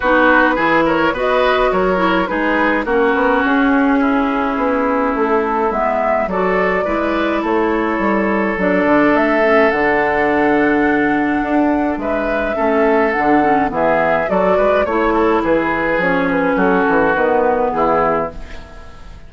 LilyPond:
<<
  \new Staff \with { instrumentName = "flute" } { \time 4/4 \tempo 4 = 105 b'4. cis''8 dis''4 cis''4 | b'4 ais'4 gis'2~ | gis'4 a'4 e''4 d''4~ | d''4 cis''2 d''4 |
e''4 fis''2.~ | fis''4 e''2 fis''4 | e''4 d''4 cis''4 b'4 | cis''8 b'8 a'4 b'4 gis'4 | }
  \new Staff \with { instrumentName = "oboe" } { \time 4/4 fis'4 gis'8 ais'8 b'4 ais'4 | gis'4 fis'2 e'4~ | e'2. a'4 | b'4 a'2.~ |
a'1~ | a'4 b'4 a'2 | gis'4 a'8 b'8 cis''8 a'8 gis'4~ | gis'4 fis'2 e'4 | }
  \new Staff \with { instrumentName = "clarinet" } { \time 4/4 dis'4 e'4 fis'4. e'8 | dis'4 cis'2.~ | cis'2 b4 fis'4 | e'2. d'4~ |
d'8 cis'8 d'2.~ | d'2 cis'4 d'8 cis'8 | b4 fis'4 e'2 | cis'2 b2 | }
  \new Staff \with { instrumentName = "bassoon" } { \time 4/4 b4 e4 b4 fis4 | gis4 ais8 b8 cis'2 | b4 a4 gis4 fis4 | gis4 a4 g4 fis8 d8 |
a4 d2. | d'4 gis4 a4 d4 | e4 fis8 gis8 a4 e4 | f4 fis8 e8 dis4 e4 | }
>>